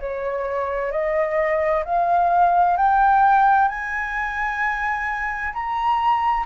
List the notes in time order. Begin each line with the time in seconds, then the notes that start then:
0.00 C#5
0.91 D#5
1.85 F5
2.77 G5
3.68 G#5
5.53 A#5